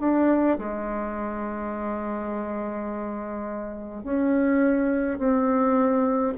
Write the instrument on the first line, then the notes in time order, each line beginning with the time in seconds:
bassoon
0.00 D4
0.59 G#3
4.03 C#4
5.18 C4